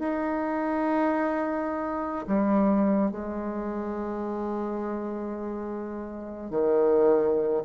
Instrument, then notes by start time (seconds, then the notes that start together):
bassoon
0.00 D#4
2.27 G3
3.12 G#3
6.51 D#3